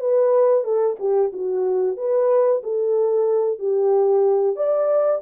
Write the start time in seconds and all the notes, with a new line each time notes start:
0.00 B4
0.64 A4
0.99 G4
1.33 F#4
1.97 B4
2.63 A4
3.59 G4
4.56 D5